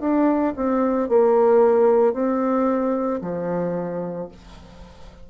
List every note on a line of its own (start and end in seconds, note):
0.00 0.54 D4
0.56 1.09 C4
1.09 2.13 A#3
2.13 3.20 C4
3.21 4.29 F3